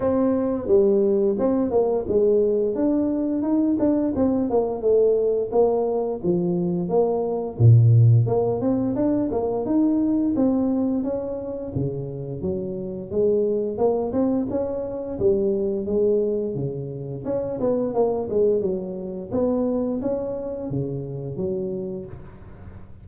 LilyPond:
\new Staff \with { instrumentName = "tuba" } { \time 4/4 \tempo 4 = 87 c'4 g4 c'8 ais8 gis4 | d'4 dis'8 d'8 c'8 ais8 a4 | ais4 f4 ais4 ais,4 | ais8 c'8 d'8 ais8 dis'4 c'4 |
cis'4 cis4 fis4 gis4 | ais8 c'8 cis'4 g4 gis4 | cis4 cis'8 b8 ais8 gis8 fis4 | b4 cis'4 cis4 fis4 | }